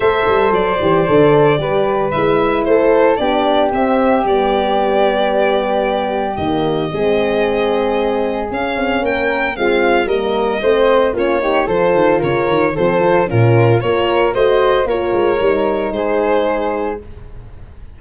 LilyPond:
<<
  \new Staff \with { instrumentName = "violin" } { \time 4/4 \tempo 4 = 113 e''4 d''2. | e''4 c''4 d''4 e''4 | d''1 | dis''1 |
f''4 g''4 f''4 dis''4~ | dis''4 cis''4 c''4 cis''4 | c''4 ais'4 cis''4 dis''4 | cis''2 c''2 | }
  \new Staff \with { instrumentName = "flute" } { \time 4/4 c''2. b'4~ | b'4 a'4 g'2~ | g'1~ | g'4 gis'2.~ |
gis'4 ais'4 f'4 ais'4 | c''4 f'8 g'8 a'4 ais'4 | a'4 f'4 ais'4 c''4 | ais'2 gis'2 | }
  \new Staff \with { instrumentName = "horn" } { \time 4/4 a'4. g'8 a'4 g'4 | e'2 d'4 c'4 | b1 | ais4 c'2. |
cis'2 c'4 ais4 | c'4 cis'8 dis'8 f'2 | c'8 f'8 cis'4 f'4 fis'4 | f'4 dis'2. | }
  \new Staff \with { instrumentName = "tuba" } { \time 4/4 a8 g8 fis8 e8 d4 g4 | gis4 a4 b4 c'4 | g1 | dis4 gis2. |
cis'8 c'8 ais4 gis4 g4 | a4 ais4 f8 dis8 cis8 dis8 | f4 ais,4 ais4 a4 | ais8 gis8 g4 gis2 | }
>>